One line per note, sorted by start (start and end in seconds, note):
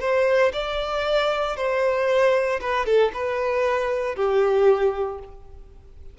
0.00 0.52 C5
0.53 1.56 D5
1.57 2.60 C5
2.61 2.85 B4
2.85 3.11 A4
3.14 4.15 B4
4.15 5.19 G4